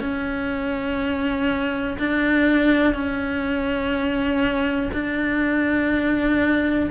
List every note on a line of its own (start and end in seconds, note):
0.00 1.97 C#4
1.98 2.93 D4
2.93 4.90 C#4
4.93 6.89 D4